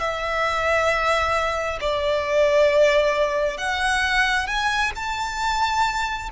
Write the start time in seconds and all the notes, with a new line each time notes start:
0.00 E5
1.81 D5
3.58 F#5
4.47 G#5
4.96 A5